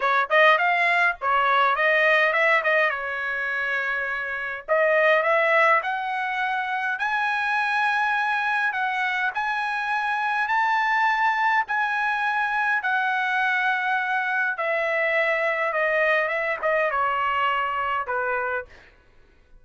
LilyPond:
\new Staff \with { instrumentName = "trumpet" } { \time 4/4 \tempo 4 = 103 cis''8 dis''8 f''4 cis''4 dis''4 | e''8 dis''8 cis''2. | dis''4 e''4 fis''2 | gis''2. fis''4 |
gis''2 a''2 | gis''2 fis''2~ | fis''4 e''2 dis''4 | e''8 dis''8 cis''2 b'4 | }